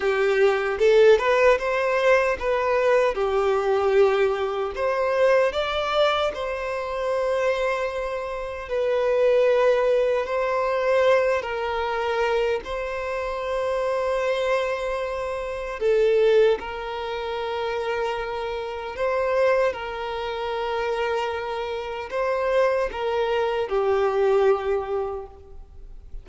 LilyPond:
\new Staff \with { instrumentName = "violin" } { \time 4/4 \tempo 4 = 76 g'4 a'8 b'8 c''4 b'4 | g'2 c''4 d''4 | c''2. b'4~ | b'4 c''4. ais'4. |
c''1 | a'4 ais'2. | c''4 ais'2. | c''4 ais'4 g'2 | }